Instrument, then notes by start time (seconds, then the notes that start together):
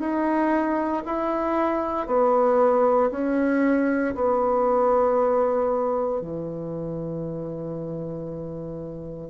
bassoon
0.00 D#4
1.06 E4
2.07 B3
3.11 C#4
4.15 B3
6.21 E3